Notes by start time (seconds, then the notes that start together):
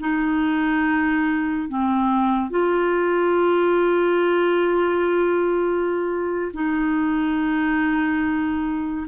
0.00 D#4
1.69 C4
2.50 F4
6.53 D#4